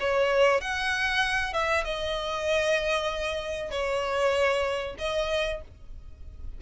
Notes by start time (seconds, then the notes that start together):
0.00 C#5
0.61 F#5
1.53 E5
1.84 D#5
3.71 C#5
4.98 D#5